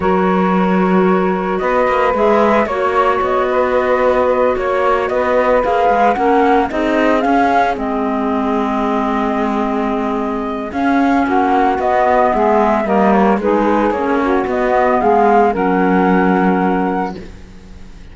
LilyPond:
<<
  \new Staff \with { instrumentName = "flute" } { \time 4/4 \tempo 4 = 112 cis''2. dis''4 | e''4 cis''4 dis''2~ | dis''8 cis''4 dis''4 f''4 fis''8~ | fis''8 dis''4 f''4 dis''4.~ |
dis''1 | f''4 fis''4 dis''4 e''4 | dis''8 cis''8 b'4 cis''4 dis''4 | f''4 fis''2. | }
  \new Staff \with { instrumentName = "saxophone" } { \time 4/4 ais'2. b'4~ | b'4 cis''4. b'4.~ | b'8 cis''4 b'2 ais'8~ | ais'8 gis'2.~ gis'8~ |
gis'1~ | gis'4 fis'2 gis'4 | ais'4 gis'4. fis'4. | gis'4 ais'2. | }
  \new Staff \with { instrumentName = "clarinet" } { \time 4/4 fis'1 | gis'4 fis'2.~ | fis'2~ fis'8 gis'4 cis'8~ | cis'8 dis'4 cis'4 c'4.~ |
c'1 | cis'2 b2 | ais4 dis'4 cis'4 b4~ | b4 cis'2. | }
  \new Staff \with { instrumentName = "cello" } { \time 4/4 fis2. b8 ais8 | gis4 ais4 b2~ | b8 ais4 b4 ais8 gis8 ais8~ | ais8 c'4 cis'4 gis4.~ |
gis1 | cis'4 ais4 b4 gis4 | g4 gis4 ais4 b4 | gis4 fis2. | }
>>